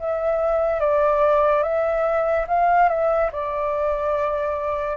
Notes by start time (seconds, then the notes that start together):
0.00 E5
0.80 D5
1.63 E5
2.48 F5
2.89 E5
3.32 D5